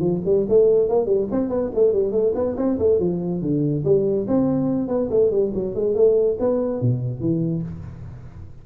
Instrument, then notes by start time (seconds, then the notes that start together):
tuba
0.00 F3
0.25 G3
0.49 A3
0.89 A#3
1.06 G3
1.31 C4
1.49 B3
1.75 A3
1.93 G3
2.12 A3
2.35 B3
2.57 C4
2.79 A3
2.99 F3
3.42 D3
3.85 G3
4.28 C4
4.88 B3
5.11 A3
5.31 G3
5.54 F#3
5.75 G#3
5.95 A3
6.40 B3
6.81 B2
7.20 E3